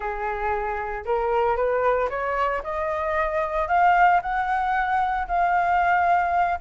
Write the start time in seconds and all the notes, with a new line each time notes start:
0.00 G#4
1.05 A#4
1.56 B4
2.09 C#5
2.63 D#5
3.68 F5
4.22 F#5
5.27 F5